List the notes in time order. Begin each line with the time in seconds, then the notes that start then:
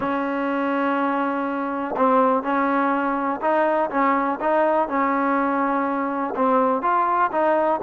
0.00 C#4
1.96 C4
2.43 C#4
3.41 D#4
3.90 C#4
4.40 D#4
4.88 C#4
6.35 C4
6.82 F4
7.31 D#4